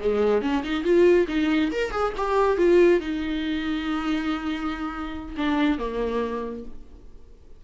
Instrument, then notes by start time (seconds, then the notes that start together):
viola
0.00 G#3
0.42 C#4
0.64 D#4
0.84 F4
1.28 D#4
1.72 A#4
1.92 G#4
2.17 G4
2.58 F4
3.00 D#4
5.37 D4
5.79 A#3